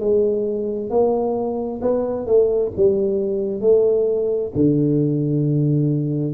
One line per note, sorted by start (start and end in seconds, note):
0.00 0.90 G#3
0.90 1.81 A#3
1.82 2.26 B3
2.26 2.72 A3
2.76 3.61 G3
3.61 4.52 A3
4.55 6.34 D3